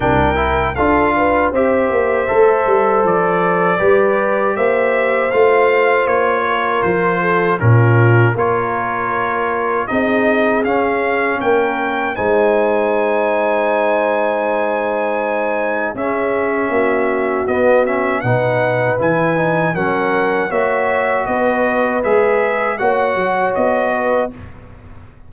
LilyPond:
<<
  \new Staff \with { instrumentName = "trumpet" } { \time 4/4 \tempo 4 = 79 g''4 f''4 e''2 | d''2 e''4 f''4 | cis''4 c''4 ais'4 cis''4~ | cis''4 dis''4 f''4 g''4 |
gis''1~ | gis''4 e''2 dis''8 e''8 | fis''4 gis''4 fis''4 e''4 | dis''4 e''4 fis''4 dis''4 | }
  \new Staff \with { instrumentName = "horn" } { \time 4/4 ais'4 a'8 b'8 c''2~ | c''4 b'4 c''2~ | c''8 ais'4 a'8 f'4 ais'4~ | ais'4 gis'2 ais'4 |
c''1~ | c''4 gis'4 fis'2 | b'2 ais'4 cis''4 | b'2 cis''4. b'8 | }
  \new Staff \with { instrumentName = "trombone" } { \time 4/4 d'8 e'8 f'4 g'4 a'4~ | a'4 g'2 f'4~ | f'2 cis'4 f'4~ | f'4 dis'4 cis'2 |
dis'1~ | dis'4 cis'2 b8 cis'8 | dis'4 e'8 dis'8 cis'4 fis'4~ | fis'4 gis'4 fis'2 | }
  \new Staff \with { instrumentName = "tuba" } { \time 4/4 c,4 d'4 c'8 ais8 a8 g8 | f4 g4 ais4 a4 | ais4 f4 ais,4 ais4~ | ais4 c'4 cis'4 ais4 |
gis1~ | gis4 cis'4 ais4 b4 | b,4 e4 fis4 ais4 | b4 gis4 ais8 fis8 b4 | }
>>